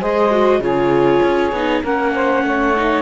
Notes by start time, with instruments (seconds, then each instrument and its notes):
0.00 cello G#3, viola G#4, saxophone C5, clarinet D#5
0.31 viola F#4
0.59 cello C#3, viola F4, saxophone G#4, clarinet C#5
1.23 cello C#4
1.52 cello B3, viola D#4
1.82 cello A#3, viola C#4, saxophone A#4, clarinet F#5
2.14 saxophone C5
2.43 cello A3, saxophone C#5
2.77 viola D#4